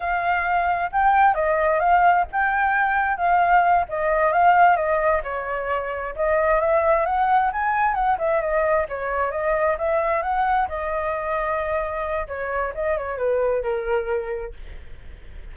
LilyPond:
\new Staff \with { instrumentName = "flute" } { \time 4/4 \tempo 4 = 132 f''2 g''4 dis''4 | f''4 g''2 f''4~ | f''8 dis''4 f''4 dis''4 cis''8~ | cis''4. dis''4 e''4 fis''8~ |
fis''8 gis''4 fis''8 e''8 dis''4 cis''8~ | cis''8 dis''4 e''4 fis''4 dis''8~ | dis''2. cis''4 | dis''8 cis''8 b'4 ais'2 | }